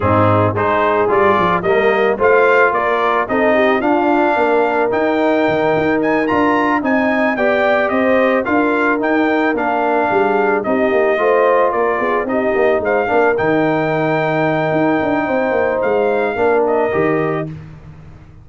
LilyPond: <<
  \new Staff \with { instrumentName = "trumpet" } { \time 4/4 \tempo 4 = 110 gis'4 c''4 d''4 dis''4 | f''4 d''4 dis''4 f''4~ | f''4 g''2 gis''8 ais''8~ | ais''8 gis''4 g''4 dis''4 f''8~ |
f''8 g''4 f''2 dis''8~ | dis''4. d''4 dis''4 f''8~ | f''8 g''2.~ g''8~ | g''4 f''4. dis''4. | }
  \new Staff \with { instrumentName = "horn" } { \time 4/4 dis'4 gis'2 ais'4 | c''4 ais'4 a'8 g'8 f'4 | ais'1~ | ais'8 dis''4 d''4 c''4 ais'8~ |
ais'2~ ais'8 gis'4 g'8~ | g'8 c''4 ais'8 gis'8 g'4 c''8 | ais'1 | c''2 ais'2 | }
  \new Staff \with { instrumentName = "trombone" } { \time 4/4 c'4 dis'4 f'4 ais4 | f'2 dis'4 d'4~ | d'4 dis'2~ dis'8 f'8~ | f'8 dis'4 g'2 f'8~ |
f'8 dis'4 d'2 dis'8~ | dis'8 f'2 dis'4. | d'8 dis'2.~ dis'8~ | dis'2 d'4 g'4 | }
  \new Staff \with { instrumentName = "tuba" } { \time 4/4 gis,4 gis4 g8 f8 g4 | a4 ais4 c'4 d'4 | ais4 dis'4 dis8 dis'4 d'8~ | d'8 c'4 b4 c'4 d'8~ |
d'8 dis'4 ais4 g4 c'8 | ais8 a4 ais8 b8 c'8 ais8 gis8 | ais8 dis2~ dis8 dis'8 d'8 | c'8 ais8 gis4 ais4 dis4 | }
>>